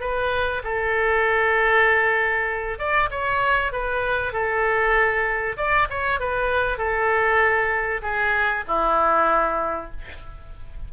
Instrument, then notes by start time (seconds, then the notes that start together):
oboe
0.00 B4
0.64 A4
2.78 D5
3.10 C#5
3.72 B4
4.32 A4
5.57 D5
5.90 C#5
6.19 B4
6.78 A4
8.02 G#4
8.67 E4